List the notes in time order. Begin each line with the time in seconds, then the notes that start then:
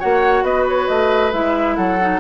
0.00 A#3 F#4 C#5 F#5
0.43 B3 B4 D#5
0.68 C#5
0.88 A3 D#5
1.33 G#3 E4 E5
1.76 F#3 A4 F#5
2.01 D#4